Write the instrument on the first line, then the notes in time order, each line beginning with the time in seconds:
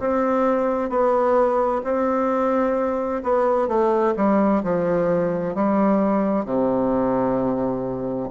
bassoon
0.00 C4
0.90 B3
1.84 C4
3.23 B3
3.68 A3
4.17 G3
4.63 F3
5.55 G3
6.45 C3